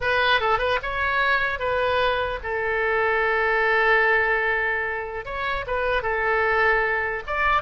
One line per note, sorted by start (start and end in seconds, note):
0.00 0.40 B4
0.40 0.58 A4
0.58 0.78 B4
0.82 1.59 C#5
1.59 2.39 B4
2.43 5.25 A4
5.25 5.65 C#5
5.66 6.02 B4
6.02 7.23 A4
7.26 7.62 D5